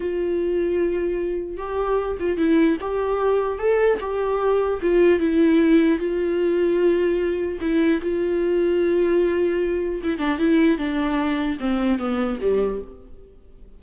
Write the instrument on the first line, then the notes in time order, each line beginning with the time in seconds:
viola
0.00 F4
1.57 G4
2.19 F4
2.37 E4
2.80 G4
3.59 A4
4.00 G4
4.81 F4
5.19 E4
5.98 F4
7.60 E4
8.01 F4
10.03 E4
10.18 D4
10.38 E4
10.78 D4
11.59 C4
11.99 B3
12.41 G3